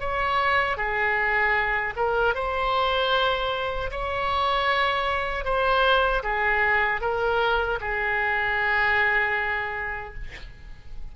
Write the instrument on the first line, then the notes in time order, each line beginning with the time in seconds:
oboe
0.00 C#5
0.77 G#4
1.96 A#4
2.35 C5
3.91 C#5
5.45 C5
6.23 G#4
7.01 A#4
7.81 G#4